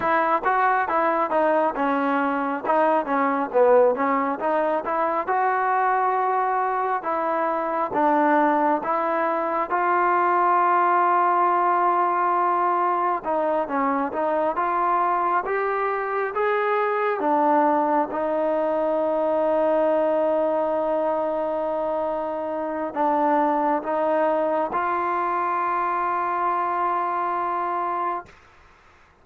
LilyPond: \new Staff \with { instrumentName = "trombone" } { \time 4/4 \tempo 4 = 68 e'8 fis'8 e'8 dis'8 cis'4 dis'8 cis'8 | b8 cis'8 dis'8 e'8 fis'2 | e'4 d'4 e'4 f'4~ | f'2. dis'8 cis'8 |
dis'8 f'4 g'4 gis'4 d'8~ | d'8 dis'2.~ dis'8~ | dis'2 d'4 dis'4 | f'1 | }